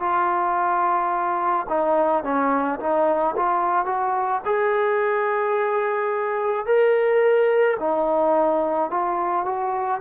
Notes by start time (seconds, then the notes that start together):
0.00 F4
1.69 D#4
2.24 C#4
2.80 D#4
3.36 F4
3.86 F#4
4.45 G#4
6.66 A#4
7.80 D#4
8.90 F4
9.45 F#4